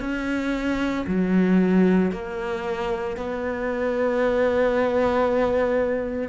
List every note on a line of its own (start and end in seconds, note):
0.00 1.05 C#4
1.07 2.11 F#3
2.11 3.16 A#3
3.16 6.29 B3